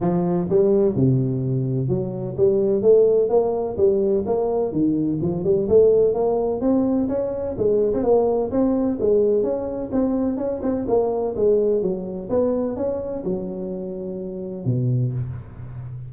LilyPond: \new Staff \with { instrumentName = "tuba" } { \time 4/4 \tempo 4 = 127 f4 g4 c2 | fis4 g4 a4 ais4 | g4 ais4 dis4 f8 g8 | a4 ais4 c'4 cis'4 |
gis8. c'16 ais4 c'4 gis4 | cis'4 c'4 cis'8 c'8 ais4 | gis4 fis4 b4 cis'4 | fis2. b,4 | }